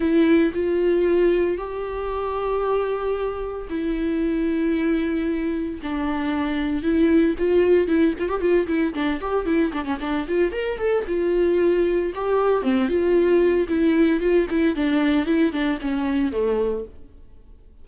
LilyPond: \new Staff \with { instrumentName = "viola" } { \time 4/4 \tempo 4 = 114 e'4 f'2 g'4~ | g'2. e'4~ | e'2. d'4~ | d'4 e'4 f'4 e'8 f'16 g'16 |
f'8 e'8 d'8 g'8 e'8 d'16 cis'16 d'8 f'8 | ais'8 a'8 f'2 g'4 | c'8 f'4. e'4 f'8 e'8 | d'4 e'8 d'8 cis'4 a4 | }